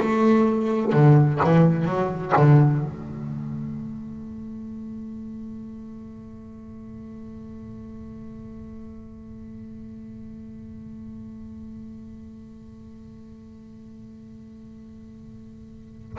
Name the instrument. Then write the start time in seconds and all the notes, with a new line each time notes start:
double bass
0.00 A3
0.93 D3
1.45 E3
1.85 F#3
2.37 D3
2.84 A3